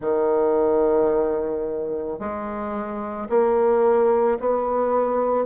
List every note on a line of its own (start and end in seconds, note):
0.00 2.19 D#3
2.19 3.28 G#3
3.29 4.38 A#3
4.39 5.45 B3